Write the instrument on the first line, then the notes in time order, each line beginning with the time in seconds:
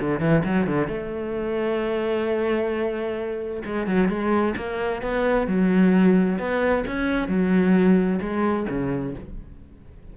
cello
0.00 D3
0.20 E3
0.44 F#3
0.67 D3
0.87 A3
3.65 G#3
3.86 F#3
4.09 G#3
4.57 A#3
5.02 B3
5.47 F#3
6.39 B3
6.87 C#4
7.28 F#3
8.20 G#3
8.69 C#3